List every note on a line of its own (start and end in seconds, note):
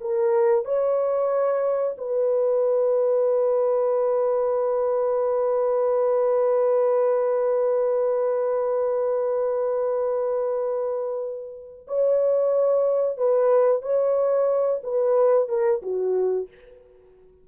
0.00 0.64 A#4
0.64 1.96 C#5
1.97 11.86 B4
11.87 13.17 C#5
13.17 13.82 B4
13.82 14.81 C#5
14.83 15.48 B4
15.48 15.81 A#4
15.82 16.48 F#4